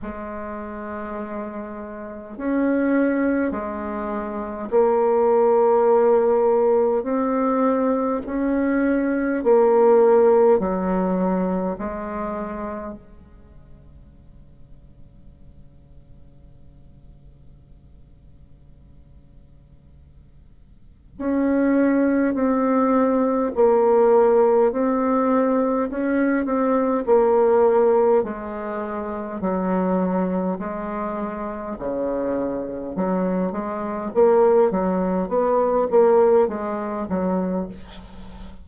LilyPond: \new Staff \with { instrumentName = "bassoon" } { \time 4/4 \tempo 4 = 51 gis2 cis'4 gis4 | ais2 c'4 cis'4 | ais4 fis4 gis4 cis4~ | cis1~ |
cis2 cis'4 c'4 | ais4 c'4 cis'8 c'8 ais4 | gis4 fis4 gis4 cis4 | fis8 gis8 ais8 fis8 b8 ais8 gis8 fis8 | }